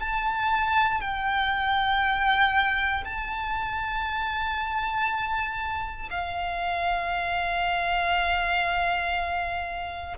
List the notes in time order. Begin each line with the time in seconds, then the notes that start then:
0.00 A5
1.01 G5
3.05 A5
6.11 F5